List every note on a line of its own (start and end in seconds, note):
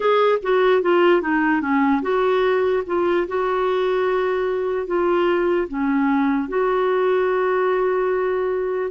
0.00 0.38 G#4
0.42 0.81 F#4
0.81 1.21 F4
1.21 1.61 D#4
1.61 2.01 C#4
2.02 2.83 F#4
2.86 3.27 F4
3.27 4.86 F#4
4.86 5.68 F4
5.68 6.48 C#4
6.48 8.90 F#4